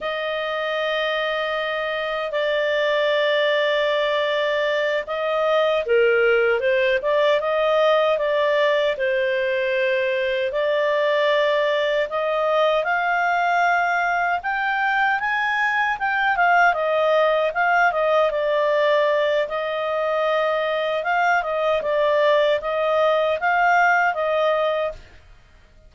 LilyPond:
\new Staff \with { instrumentName = "clarinet" } { \time 4/4 \tempo 4 = 77 dis''2. d''4~ | d''2~ d''8 dis''4 ais'8~ | ais'8 c''8 d''8 dis''4 d''4 c''8~ | c''4. d''2 dis''8~ |
dis''8 f''2 g''4 gis''8~ | gis''8 g''8 f''8 dis''4 f''8 dis''8 d''8~ | d''4 dis''2 f''8 dis''8 | d''4 dis''4 f''4 dis''4 | }